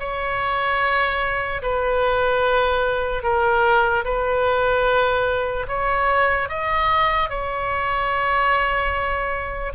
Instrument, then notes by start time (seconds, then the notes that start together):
oboe
0.00 C#5
1.63 B4
3.23 A#4
4.05 B4
5.68 C#5
6.49 D#5
7.30 C#5